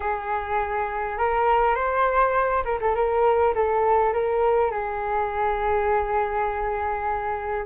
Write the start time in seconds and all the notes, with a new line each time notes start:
0.00 G#4
1.18 A#4
1.75 C5
2.64 A#4
2.80 A4
2.95 A#4
3.55 A4
4.13 A#4
4.71 G#4